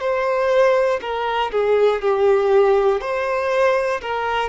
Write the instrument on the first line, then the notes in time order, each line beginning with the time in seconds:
violin
0.00 C5
1.01 A#4
1.52 G#4
2.02 G4
3.01 C5
4.01 A#4